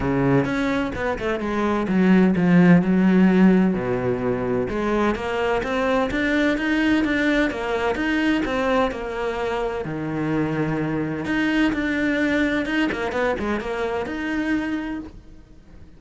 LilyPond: \new Staff \with { instrumentName = "cello" } { \time 4/4 \tempo 4 = 128 cis4 cis'4 b8 a8 gis4 | fis4 f4 fis2 | b,2 gis4 ais4 | c'4 d'4 dis'4 d'4 |
ais4 dis'4 c'4 ais4~ | ais4 dis2. | dis'4 d'2 dis'8 ais8 | b8 gis8 ais4 dis'2 | }